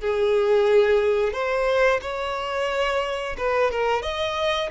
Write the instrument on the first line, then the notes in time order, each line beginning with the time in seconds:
violin
0.00 G#4
1.33 C5
2.01 C#5
3.37 B4
3.71 A#4
4.02 D#5